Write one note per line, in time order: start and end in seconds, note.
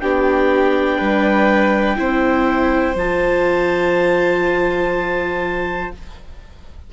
0.00 1.00 B3
0.00 1.96 D4
0.00 0.98 G4
0.00 2.95 G5
0.98 1.99 G3
0.98 1.97 B4
1.96 2.95 C4
1.96 2.95 E4
1.96 5.92 C5
2.95 5.90 F3
2.95 5.93 F4
2.95 5.93 A5